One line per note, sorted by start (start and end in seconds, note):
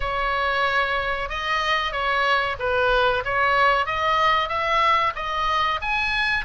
0.00 1.29 C#5
1.29 1.91 D#5
1.91 2.56 C#5
2.59 3.23 B4
3.25 3.85 C#5
3.85 4.48 D#5
4.48 5.13 E5
5.15 5.80 D#5
5.81 6.44 G#5